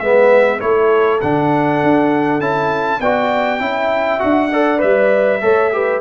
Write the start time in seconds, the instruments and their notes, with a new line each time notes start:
0.00 tuba G#3, trombone B3, horn B4, trumpet E5
0.60 tuba A3, trombone E4, horn A4, trumpet C#5
1.21 tuba D3, trombone D4, trumpet F#5
1.83 tuba D4
2.40 tuba C#4, trombone E4, trumpet A5
3.00 tuba B3, trombone F#4, horn D5, trumpet G5
3.60 tuba C#4, trombone E4, horn E5
4.20 tuba D4, trombone F#4, trumpet F#5
4.52 trombone A4, horn D5
4.79 tuba G3, trombone B4, trumpet E5
5.42 tuba A3, trombone A4, horn C#5
5.73 trombone G4, horn B4